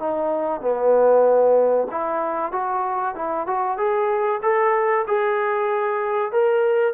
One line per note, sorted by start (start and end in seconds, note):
0.00 0.62 D#4
0.62 1.88 B3
1.91 2.53 E4
2.53 3.16 F#4
3.16 3.47 E4
3.47 3.78 F#4
3.78 4.41 G#4
4.43 5.06 A4
5.08 6.32 G#4
6.32 6.94 A#4